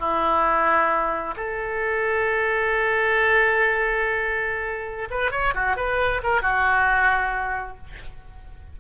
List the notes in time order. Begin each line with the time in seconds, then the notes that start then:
0.00 E4
1.37 A4
5.11 B4
5.32 C#5
5.55 F#4
5.77 B4
6.24 A#4
6.42 F#4